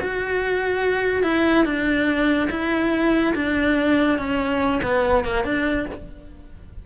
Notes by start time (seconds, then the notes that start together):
0.00 F#4
1.23 E4
1.65 D4
2.50 E4
3.35 D4
4.18 C#4
4.82 B3
5.24 A#3
5.44 D4